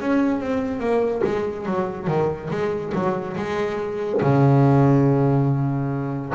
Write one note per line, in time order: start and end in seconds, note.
0.00 0.40 C#4
0.40 0.79 C4
0.79 1.21 A#3
1.24 1.65 G#3
1.65 2.07 F#3
2.07 2.49 D#3
2.50 2.92 G#3
2.94 3.36 F#3
3.36 4.21 G#3
4.21 6.32 C#3